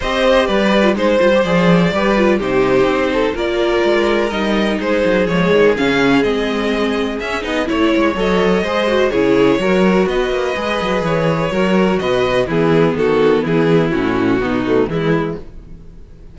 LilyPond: <<
  \new Staff \with { instrumentName = "violin" } { \time 4/4 \tempo 4 = 125 dis''4 d''4 c''4 d''4~ | d''4 c''2 d''4~ | d''4 dis''4 c''4 cis''4 | f''4 dis''2 e''8 dis''8 |
cis''4 dis''2 cis''4~ | cis''4 dis''2 cis''4~ | cis''4 dis''4 gis'4 a'4 | gis'4 fis'2 e'4 | }
  \new Staff \with { instrumentName = "violin" } { \time 4/4 c''4 b'4 c''2 | b'4 g'4. a'8 ais'4~ | ais'2 gis'2~ | gis'1 |
cis''2 c''4 gis'4 | ais'4 b'2. | ais'4 b'4 e'4 fis'4 | e'2 dis'4 e'4 | }
  \new Staff \with { instrumentName = "viola" } { \time 4/4 g'4.~ g'16 f'16 dis'8 f'16 g'16 gis'4 | g'8 f'8 dis'2 f'4~ | f'4 dis'2 gis4 | cis'4 c'2 cis'8 dis'8 |
e'4 a'4 gis'8 fis'8 e'4 | fis'2 gis'2 | fis'2 b2~ | b4 cis'4 b8 a8 gis4 | }
  \new Staff \with { instrumentName = "cello" } { \time 4/4 c'4 g4 gis8 g8 f4 | g4 c4 c'4 ais4 | gis4 g4 gis8 fis8 f8 dis8 | cis4 gis2 cis'8 b8 |
a8 gis8 fis4 gis4 cis4 | fis4 b8 ais8 gis8 fis8 e4 | fis4 b,4 e4 dis4 | e4 a,4 b,4 e4 | }
>>